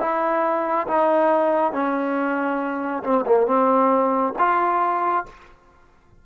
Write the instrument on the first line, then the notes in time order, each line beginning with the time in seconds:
trombone
0.00 E4
0.87 D#4
1.72 C#4
3.03 C4
3.26 A#3
3.46 C4
4.38 F4